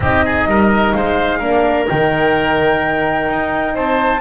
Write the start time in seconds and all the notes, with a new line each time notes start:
0.00 C4 D#4 G4 D#5
0.24 G#4
0.46 G3 A#4
0.92 G#3 C5 F5
1.38 A#3 D4 A#4
1.86 D#3 D#4 G5
3.29 D#4
3.74 C4 C5 A5